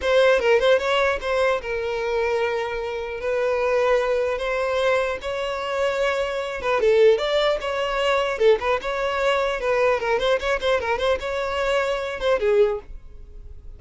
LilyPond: \new Staff \with { instrumentName = "violin" } { \time 4/4 \tempo 4 = 150 c''4 ais'8 c''8 cis''4 c''4 | ais'1 | b'2. c''4~ | c''4 cis''2.~ |
cis''8 b'8 a'4 d''4 cis''4~ | cis''4 a'8 b'8 cis''2 | b'4 ais'8 c''8 cis''8 c''8 ais'8 c''8 | cis''2~ cis''8 c''8 gis'4 | }